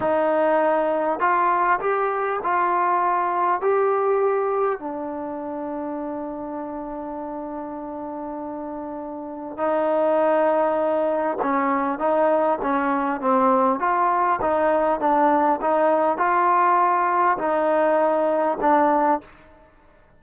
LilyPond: \new Staff \with { instrumentName = "trombone" } { \time 4/4 \tempo 4 = 100 dis'2 f'4 g'4 | f'2 g'2 | d'1~ | d'1 |
dis'2. cis'4 | dis'4 cis'4 c'4 f'4 | dis'4 d'4 dis'4 f'4~ | f'4 dis'2 d'4 | }